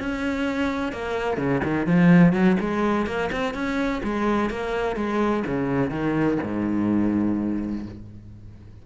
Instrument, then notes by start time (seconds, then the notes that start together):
cello
0.00 C#4
0.92 A#3
1.37 C#3
1.64 D#3
1.87 F3
2.33 F#3
2.60 G#3
3.06 A#3
3.32 C4
3.54 C#4
4.04 G#3
4.50 A#3
4.96 G#3
5.47 C#3
5.91 D#3
6.43 G#2